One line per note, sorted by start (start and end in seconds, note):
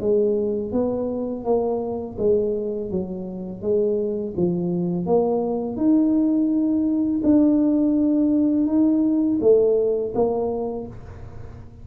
0.00 0.72 G#3
0.72 1.44 B3
1.44 2.17 A#3
2.18 2.90 G#3
2.90 3.61 F#3
3.61 4.34 G#3
4.36 5.06 F3
5.06 5.76 A#3
5.76 7.21 D#4
7.23 8.66 D4
8.66 9.39 D#4
9.41 10.13 A3
10.14 10.87 A#3